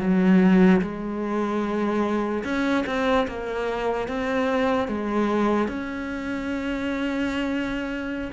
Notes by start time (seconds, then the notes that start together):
0.00 F#3
0.81 G#3
2.44 C#4
2.86 C4
3.28 A#3
4.08 C4
4.88 G#3
5.68 C#4